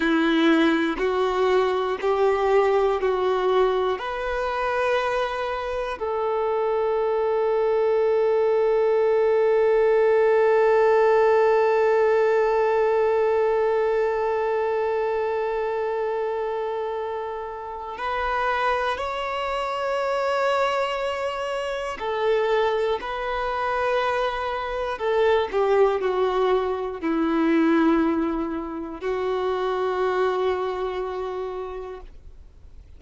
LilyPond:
\new Staff \with { instrumentName = "violin" } { \time 4/4 \tempo 4 = 60 e'4 fis'4 g'4 fis'4 | b'2 a'2~ | a'1~ | a'1~ |
a'2 b'4 cis''4~ | cis''2 a'4 b'4~ | b'4 a'8 g'8 fis'4 e'4~ | e'4 fis'2. | }